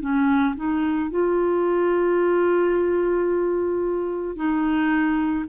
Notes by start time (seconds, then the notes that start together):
0.00 C#4
0.55 D#4
1.10 F4
4.35 D#4